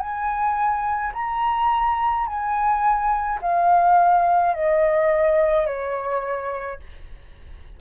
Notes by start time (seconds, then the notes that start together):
0.00 G#5
1.13 A#5
2.26 G#5
3.42 F5
4.54 D#5
5.67 C#5